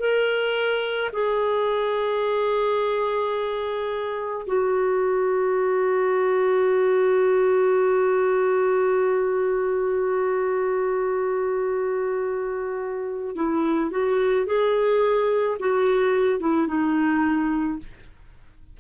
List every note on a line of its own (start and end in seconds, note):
0.00 1.11 A#4
1.13 4.46 G#4
4.47 13.36 F#4
13.36 13.91 E4
13.91 14.46 F#4
14.46 15.58 G#4
15.60 16.40 F#4
16.40 16.68 E4
16.68 17.79 D#4